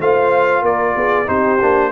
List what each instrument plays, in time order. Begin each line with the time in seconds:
0.00 tuba A3, trombone F4, horn C5, trumpet F5
0.62 tuba A#3, horn A#4, trumpet D5
0.96 tuba B3, horn G#4
1.26 tuba C4, trombone D#4, horn G4, trumpet C5
1.61 tuba A#3, trombone D4